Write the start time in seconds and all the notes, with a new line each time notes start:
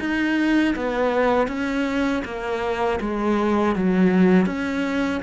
0.00 D#4
0.76 B3
1.48 C#4
2.25 A#3
3.01 G#3
3.76 F#3
4.47 C#4